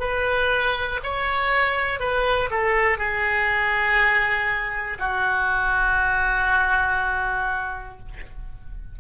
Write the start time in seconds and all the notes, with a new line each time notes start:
0.00 B4
1.03 C#5
2.00 B4
2.50 A4
2.98 G#4
4.99 F#4